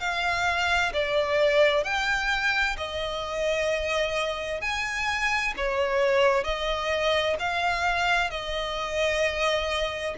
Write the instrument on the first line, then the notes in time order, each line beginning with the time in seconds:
violin
0.00 F5
0.93 D5
1.84 G5
2.77 D#5
4.61 G#5
5.57 C#5
6.44 D#5
7.39 F5
8.30 D#5